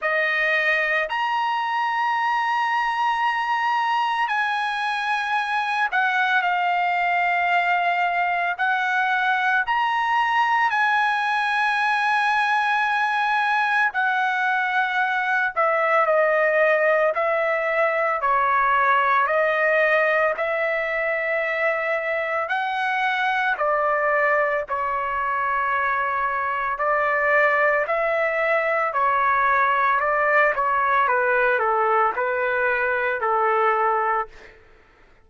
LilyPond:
\new Staff \with { instrumentName = "trumpet" } { \time 4/4 \tempo 4 = 56 dis''4 ais''2. | gis''4. fis''8 f''2 | fis''4 ais''4 gis''2~ | gis''4 fis''4. e''8 dis''4 |
e''4 cis''4 dis''4 e''4~ | e''4 fis''4 d''4 cis''4~ | cis''4 d''4 e''4 cis''4 | d''8 cis''8 b'8 a'8 b'4 a'4 | }